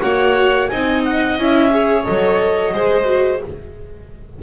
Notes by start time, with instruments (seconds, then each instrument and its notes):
0.00 double bass A#3, viola F#4, violin C#5, clarinet F#5
0.68 double bass C4, viola D#4, violin D#5, clarinet G#5
1.04 clarinet F#5
1.38 double bass C#4, viola E4, clarinet E5
1.70 viola G#4, violin C#5
2.04 double bass F#3, viola A4, clarinet D#5
2.73 double bass G#3, viola G#4, violin C5
3.05 viola F#4